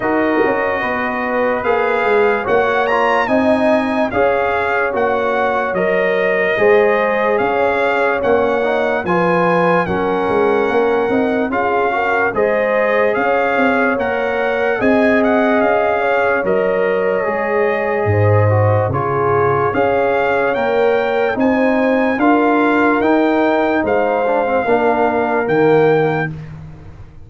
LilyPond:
<<
  \new Staff \with { instrumentName = "trumpet" } { \time 4/4 \tempo 4 = 73 dis''2 f''4 fis''8 ais''8 | gis''4 f''4 fis''4 dis''4~ | dis''4 f''4 fis''4 gis''4 | fis''2 f''4 dis''4 |
f''4 fis''4 gis''8 fis''8 f''4 | dis''2. cis''4 | f''4 g''4 gis''4 f''4 | g''4 f''2 g''4 | }
  \new Staff \with { instrumentName = "horn" } { \time 4/4 ais'4 b'2 cis''4 | dis''4 cis''2. | c''4 cis''2 b'4 | ais'2 gis'8 ais'8 c''4 |
cis''2 dis''4. cis''8~ | cis''2 c''4 gis'4 | cis''2 c''4 ais'4~ | ais'4 c''4 ais'2 | }
  \new Staff \with { instrumentName = "trombone" } { \time 4/4 fis'2 gis'4 fis'8 f'8 | dis'4 gis'4 fis'4 ais'4 | gis'2 cis'8 dis'8 f'4 | cis'4. dis'8 f'8 fis'8 gis'4~ |
gis'4 ais'4 gis'2 | ais'4 gis'4. fis'8 f'4 | gis'4 ais'4 dis'4 f'4 | dis'4. d'16 c'16 d'4 ais4 | }
  \new Staff \with { instrumentName = "tuba" } { \time 4/4 dis'8 cis'8 b4 ais8 gis8 ais4 | c'4 cis'4 ais4 fis4 | gis4 cis'4 ais4 f4 | fis8 gis8 ais8 c'8 cis'4 gis4 |
cis'8 c'8 ais4 c'4 cis'4 | fis4 gis4 gis,4 cis4 | cis'4 ais4 c'4 d'4 | dis'4 gis4 ais4 dis4 | }
>>